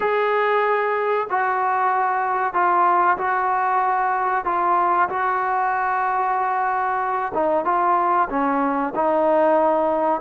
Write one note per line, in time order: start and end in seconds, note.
0.00 1.27 G#4
1.29 2.53 F#4
2.53 3.17 F4
3.17 4.44 F#4
4.44 5.08 F4
5.09 7.32 F#4
7.34 7.64 D#4
7.64 8.28 F4
8.29 8.93 C#4
8.95 10.21 D#4